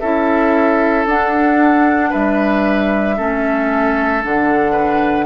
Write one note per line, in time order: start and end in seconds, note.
0.00 1.06 C#4
0.00 1.08 E4
0.00 2.10 A4
0.00 1.05 E5
1.06 2.12 D4
1.06 3.18 D4
1.06 2.13 F#5
2.10 3.20 G3
2.10 3.15 B4
2.10 4.24 E5
3.17 4.25 A3
3.17 4.23 C#4
3.17 4.72 A4
4.23 5.26 D3
4.23 5.26 D4
4.23 5.26 F#5
4.72 5.25 B4